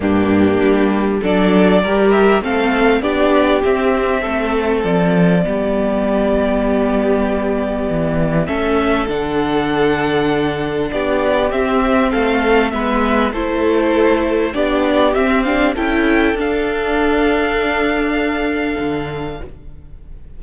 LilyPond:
<<
  \new Staff \with { instrumentName = "violin" } { \time 4/4 \tempo 4 = 99 g'2 d''4. e''8 | f''4 d''4 e''2 | d''1~ | d''2 e''4 fis''4~ |
fis''2 d''4 e''4 | f''4 e''4 c''2 | d''4 e''8 f''8 g''4 f''4~ | f''1 | }
  \new Staff \with { instrumentName = "violin" } { \time 4/4 d'2 a'4 ais'4 | a'4 g'2 a'4~ | a'4 g'2.~ | g'2 a'2~ |
a'2 g'2 | a'4 b'4 a'2 | g'2 a'2~ | a'1 | }
  \new Staff \with { instrumentName = "viola" } { \time 4/4 ais2 d'4 g'4 | c'4 d'4 c'2~ | c'4 b2.~ | b2 cis'4 d'4~ |
d'2. c'4~ | c'4 b4 e'2 | d'4 c'8 d'8 e'4 d'4~ | d'1 | }
  \new Staff \with { instrumentName = "cello" } { \time 4/4 g,4 g4 fis4 g4 | a4 b4 c'4 a4 | f4 g2.~ | g4 e4 a4 d4~ |
d2 b4 c'4 | a4 gis4 a2 | b4 c'4 cis'4 d'4~ | d'2. d4 | }
>>